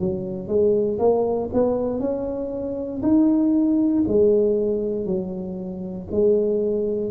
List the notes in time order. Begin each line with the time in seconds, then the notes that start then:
0.00 F#3
0.48 G#3
0.99 A#3
1.53 B3
2.00 C#4
3.03 D#4
4.08 G#3
5.06 F#3
6.11 G#3